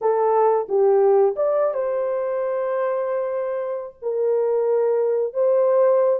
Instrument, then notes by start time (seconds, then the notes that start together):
horn
0.01 A4
0.68 G4
1.36 D5
1.74 C5
4.02 A#4
5.33 C5